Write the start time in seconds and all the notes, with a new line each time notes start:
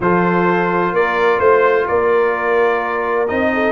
0.00 F3 F4 A4 C5
0.92 A#3 A#4 D5
1.38 A3 C5
1.87 A#3 A#4 D5
3.27 C4 D#4 D#5
3.53 A4